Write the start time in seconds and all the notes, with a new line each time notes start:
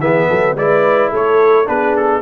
0.00 E3 B3 G#4 E5
0.28 F#3 A4
0.55 G#3 E4 B4 D5
1.11 A3 A4 C#5
1.66 B3 D4 G#4 B4
1.96 A4